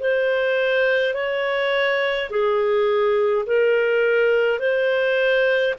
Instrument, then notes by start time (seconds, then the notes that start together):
clarinet
0.00 C5
1.15 C#5
2.31 G#4
3.47 A#4
4.59 C5